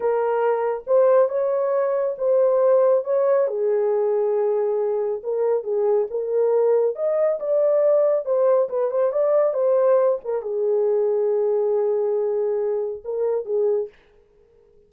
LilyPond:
\new Staff \with { instrumentName = "horn" } { \time 4/4 \tempo 4 = 138 ais'2 c''4 cis''4~ | cis''4 c''2 cis''4 | gis'1 | ais'4 gis'4 ais'2 |
dis''4 d''2 c''4 | b'8 c''8 d''4 c''4. ais'8 | gis'1~ | gis'2 ais'4 gis'4 | }